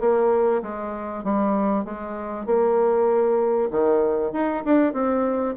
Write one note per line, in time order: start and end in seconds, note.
0.00 0.62 A#3
0.62 1.24 G#3
1.24 1.85 G3
1.85 2.46 G#3
2.46 3.69 A#3
3.71 4.32 D#3
4.32 4.63 D#4
4.65 4.93 D4
4.93 5.55 C4